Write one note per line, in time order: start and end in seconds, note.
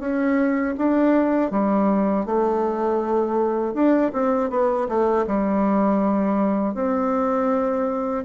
0.00 0.75 C#4
0.78 1.51 D4
1.51 2.26 G3
2.26 3.74 A3
3.74 4.12 D4
4.13 4.50 C4
4.50 4.88 B3
4.89 5.26 A3
5.27 6.75 G3
6.75 8.25 C4